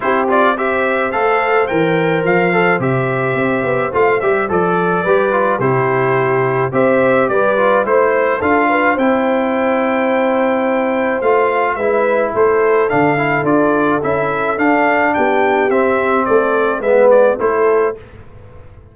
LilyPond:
<<
  \new Staff \with { instrumentName = "trumpet" } { \time 4/4 \tempo 4 = 107 c''8 d''8 e''4 f''4 g''4 | f''4 e''2 f''8 e''8 | d''2 c''2 | e''4 d''4 c''4 f''4 |
g''1 | f''4 e''4 c''4 f''4 | d''4 e''4 f''4 g''4 | e''4 d''4 e''8 d''8 c''4 | }
  \new Staff \with { instrumentName = "horn" } { \time 4/4 g'4 c''2.~ | c''1~ | c''4 b'4 g'2 | c''4 b'4 c''4 a'8 b'8 |
c''1~ | c''4 b'4 a'2~ | a'2. g'4~ | g'4 a'4 b'4 a'4 | }
  \new Staff \with { instrumentName = "trombone" } { \time 4/4 e'8 f'8 g'4 a'4 ais'4~ | ais'8 a'8 g'2 f'8 g'8 | a'4 g'8 f'8 e'2 | g'4. f'8 e'4 f'4 |
e'1 | f'4 e'2 d'8 e'8 | f'4 e'4 d'2 | c'2 b4 e'4 | }
  \new Staff \with { instrumentName = "tuba" } { \time 4/4 c'2 a4 e4 | f4 c4 c'8 b8 a8 g8 | f4 g4 c2 | c'4 g4 a4 d'4 |
c'1 | a4 gis4 a4 d4 | d'4 cis'4 d'4 b4 | c'4 a4 gis4 a4 | }
>>